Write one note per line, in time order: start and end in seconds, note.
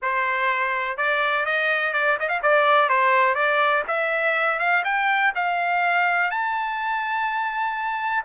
0.02 0.97 C5
0.97 1.45 D5
1.45 1.93 D#5
1.93 2.17 D5
2.19 2.29 D#5
2.29 2.41 F5
2.42 2.89 D5
2.89 3.35 C5
3.35 3.83 D5
3.87 4.59 E5
4.59 4.83 F5
4.84 5.32 G5
5.35 6.30 F5
6.30 8.24 A5